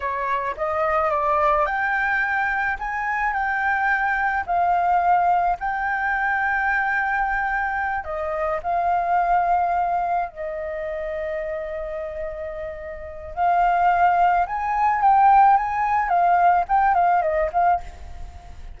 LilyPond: \new Staff \with { instrumentName = "flute" } { \time 4/4 \tempo 4 = 108 cis''4 dis''4 d''4 g''4~ | g''4 gis''4 g''2 | f''2 g''2~ | g''2~ g''8 dis''4 f''8~ |
f''2~ f''8 dis''4.~ | dis''1 | f''2 gis''4 g''4 | gis''4 f''4 g''8 f''8 dis''8 f''8 | }